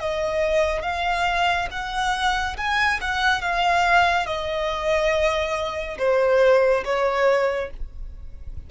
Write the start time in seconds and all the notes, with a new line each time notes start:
0.00 D#5
0.83 F5
1.71 F#5
2.57 G#5
3.02 F#5
3.42 F5
4.27 D#5
5.98 C5
6.85 C#5